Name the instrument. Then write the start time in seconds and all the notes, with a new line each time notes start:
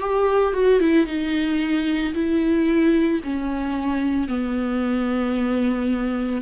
viola
0.00 G4
0.53 F#4
0.80 E4
1.06 D#4
2.14 E4
3.23 C#4
4.28 B3